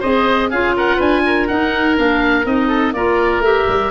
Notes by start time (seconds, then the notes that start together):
0.00 C4 G#4 C5 D#5
0.50 C#4 F4 G#4 F5
0.76 A#4 F#5
0.96 D4 B4 G#5
1.26 A#4
1.47 D#4 F#5
1.96 A#3 D4 F5
2.44 C4 D#4 D#5
2.67 A4
2.93 A#3 F4 A#4 D5
3.39 A3 G4 E5
3.68 G3